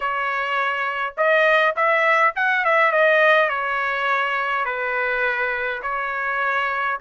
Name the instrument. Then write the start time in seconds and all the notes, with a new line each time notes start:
trumpet
0.00 C#5
1.17 D#5
1.76 E5
2.35 F#5
2.65 E5
2.91 D#5
3.49 C#5
4.65 B4
5.82 C#5